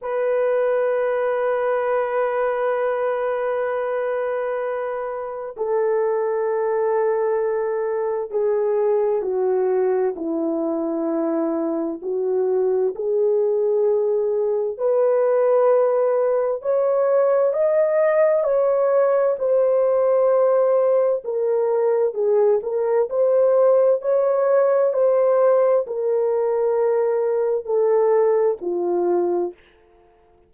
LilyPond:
\new Staff \with { instrumentName = "horn" } { \time 4/4 \tempo 4 = 65 b'1~ | b'2 a'2~ | a'4 gis'4 fis'4 e'4~ | e'4 fis'4 gis'2 |
b'2 cis''4 dis''4 | cis''4 c''2 ais'4 | gis'8 ais'8 c''4 cis''4 c''4 | ais'2 a'4 f'4 | }